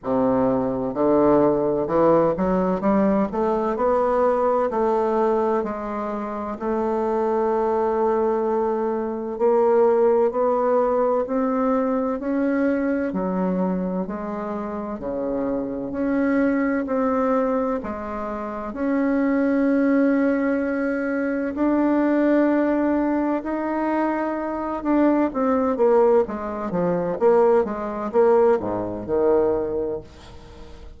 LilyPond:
\new Staff \with { instrumentName = "bassoon" } { \time 4/4 \tempo 4 = 64 c4 d4 e8 fis8 g8 a8 | b4 a4 gis4 a4~ | a2 ais4 b4 | c'4 cis'4 fis4 gis4 |
cis4 cis'4 c'4 gis4 | cis'2. d'4~ | d'4 dis'4. d'8 c'8 ais8 | gis8 f8 ais8 gis8 ais8 gis,8 dis4 | }